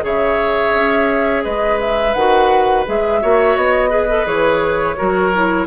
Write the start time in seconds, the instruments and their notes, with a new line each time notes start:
0.00 bassoon C#3, clarinet G#4, oboe C#5, flute E5
0.74 bassoon C#4
1.43 bassoon G#3, oboe B4, flute D#5
1.80 flute E5
2.13 bassoon D#3, clarinet F#4, flute F#5
2.86 bassoon G#3, clarinet G#4, flute E5
3.21 bassoon A#3, clarinet F#4, oboe C#5
3.56 bassoon B3, flute D#5
3.89 clarinet G#4, oboe B4
4.09 clarinet A4
4.25 bassoon E3, clarinet G#4, flute C#5
4.96 bassoon F#3, clarinet F#4, oboe A#4
5.34 clarinet E4